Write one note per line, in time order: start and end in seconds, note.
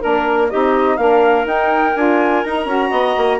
0.00 0.53 A#3
0.00 0.50 D4
0.00 0.48 A#4
0.00 0.50 A#4
0.50 0.98 C4
0.50 0.99 D#4
0.50 0.98 G4
0.50 0.97 D#5
0.97 1.45 A#3
0.97 1.46 D4
0.97 2.90 A#4
0.97 1.45 F5
1.45 1.94 D#4
1.45 1.96 G5
1.96 2.44 D4
1.96 2.44 F4
1.96 2.44 G#5
2.44 2.65 D#4
2.44 2.67 D#4
2.44 3.40 A#5
2.65 2.90 C#4
2.65 3.40 F#4
2.90 3.16 B3
2.90 3.38 D#5
3.17 3.40 A#3